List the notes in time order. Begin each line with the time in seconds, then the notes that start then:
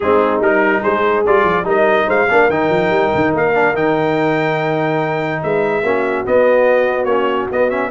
0.00 G#3 C4 D#4 G#4
0.40 G3 D#4 A#4
0.80 G#3 G#4 C5
1.26 G3 F4 D5
1.44 F3
1.64 G3 D#4 A#4 D#5
2.07 G#3 C5 F5
2.29 A#3 D4 A#4
2.49 D#3 D#4 G5
2.69 F3
2.90 G3
3.14 D#3
3.34 A#3 F5
3.53 D4
3.74 D#3 D#4 G5
5.42 G#3 B4 E5
5.83 A#3 C#4 F#4
6.25 B3 D#5
7.04 A#3 C#4 C#5
7.51 B3 D#5
7.70 C#4 E5